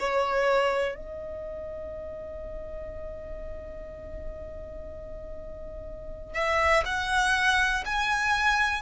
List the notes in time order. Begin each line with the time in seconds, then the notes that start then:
0.00 C#5
0.95 D#5
6.34 E5
6.86 F#5
7.86 G#5